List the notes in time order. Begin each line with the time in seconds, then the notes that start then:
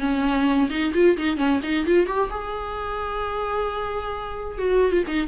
0.00 C#4
0.70 D#4
0.94 F4
1.17 D#4
1.37 C#4
1.63 D#4
1.86 F4
2.06 G4
2.30 G#4
4.58 F#4
4.92 F4
5.07 D#4